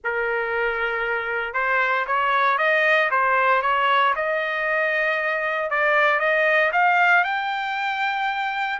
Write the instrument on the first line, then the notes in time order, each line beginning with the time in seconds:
trumpet
0.04 A#4
1.53 C5
2.06 C#5
2.58 D#5
3.10 C5
3.62 C#5
4.15 D#5
5.70 D5
6.19 D#5
6.72 F5
7.24 G5